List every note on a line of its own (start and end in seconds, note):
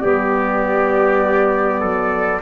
0.00 1.82 G3
0.00 2.40 B3
0.00 1.80 G4
0.00 2.40 D5
1.80 2.42 F#3
1.80 2.40 A4